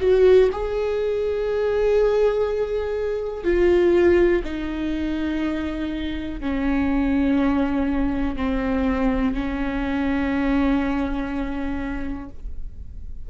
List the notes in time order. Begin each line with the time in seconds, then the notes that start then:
0.00 F#4
0.51 G#4
3.44 F4
4.44 D#4
6.40 C#4
8.36 C4
9.34 C#4